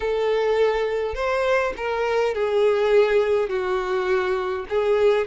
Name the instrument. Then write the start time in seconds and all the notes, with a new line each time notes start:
violin
0.00 A4
1.15 C5
1.76 A#4
2.34 G#4
3.49 F#4
4.69 G#4